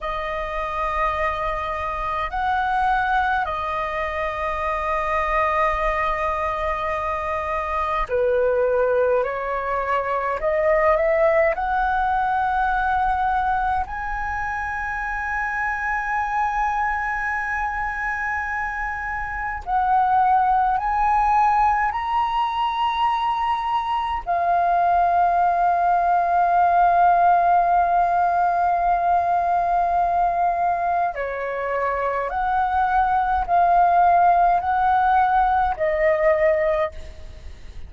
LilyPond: \new Staff \with { instrumentName = "flute" } { \time 4/4 \tempo 4 = 52 dis''2 fis''4 dis''4~ | dis''2. b'4 | cis''4 dis''8 e''8 fis''2 | gis''1~ |
gis''4 fis''4 gis''4 ais''4~ | ais''4 f''2.~ | f''2. cis''4 | fis''4 f''4 fis''4 dis''4 | }